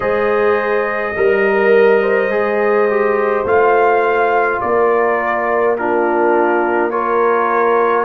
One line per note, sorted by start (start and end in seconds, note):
0.00 1.14 G#3
0.00 1.15 G#4
0.00 1.13 C5
0.00 3.46 D#5
1.16 2.28 G3
1.16 2.01 A#4
1.16 2.30 A#4
2.01 4.61 C5
2.28 3.43 G#3
2.28 2.88 G#4
2.89 3.46 G4
3.44 4.59 A3
3.44 5.77 F4
3.44 4.61 F5
4.61 8.04 A#3
4.61 5.78 A#4
4.61 5.76 D5
5.78 6.91 D4
5.78 6.91 F4
5.78 6.90 A#4
6.90 8.04 F4
6.90 8.04 A#4
6.90 8.04 C#5